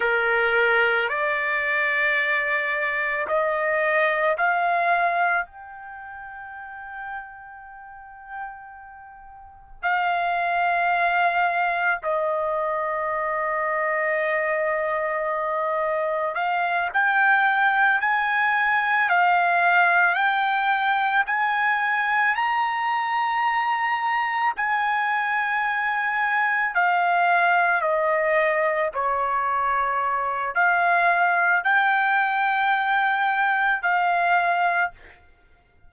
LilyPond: \new Staff \with { instrumentName = "trumpet" } { \time 4/4 \tempo 4 = 55 ais'4 d''2 dis''4 | f''4 g''2.~ | g''4 f''2 dis''4~ | dis''2. f''8 g''8~ |
g''8 gis''4 f''4 g''4 gis''8~ | gis''8 ais''2 gis''4.~ | gis''8 f''4 dis''4 cis''4. | f''4 g''2 f''4 | }